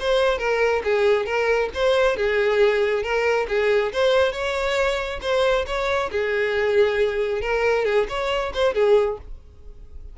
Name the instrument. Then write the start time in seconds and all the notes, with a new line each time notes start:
violin
0.00 C5
0.39 A#4
0.84 G#4
1.26 A#4
1.74 C5
2.17 G#4
3.03 A#4
3.49 G#4
3.93 C5
4.32 C#5
5.22 C5
5.67 C#5
6.11 G#4
7.42 A#4
7.86 G#4
8.09 C#5
8.54 C5
8.75 G#4